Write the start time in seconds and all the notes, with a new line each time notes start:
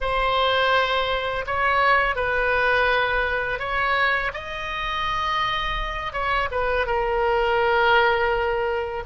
0.00 C5
1.46 C#5
2.15 B4
3.59 C#5
4.33 D#5
6.12 C#5
6.51 B4
6.86 A#4